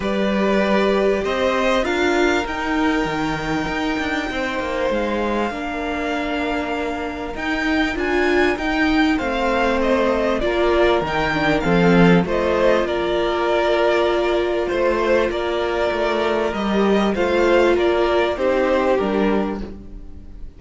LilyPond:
<<
  \new Staff \with { instrumentName = "violin" } { \time 4/4 \tempo 4 = 98 d''2 dis''4 f''4 | g''1 | f''1 | g''4 gis''4 g''4 f''4 |
dis''4 d''4 g''4 f''4 | dis''4 d''2. | c''4 d''2 dis''4 | f''4 d''4 c''4 ais'4 | }
  \new Staff \with { instrumentName = "violin" } { \time 4/4 b'2 c''4 ais'4~ | ais'2. c''4~ | c''4 ais'2.~ | ais'2. c''4~ |
c''4 ais'2 a'4 | c''4 ais'2. | c''4 ais'2. | c''4 ais'4 g'2 | }
  \new Staff \with { instrumentName = "viola" } { \time 4/4 g'2. f'4 | dis'1~ | dis'4 d'2. | dis'4 f'4 dis'4 c'4~ |
c'4 f'4 dis'8 d'8 c'4 | f'1~ | f'2. g'4 | f'2 dis'4 d'4 | }
  \new Staff \with { instrumentName = "cello" } { \time 4/4 g2 c'4 d'4 | dis'4 dis4 dis'8 d'8 c'8 ais8 | gis4 ais2. | dis'4 d'4 dis'4 a4~ |
a4 ais4 dis4 f4 | a4 ais2. | a4 ais4 a4 g4 | a4 ais4 c'4 g4 | }
>>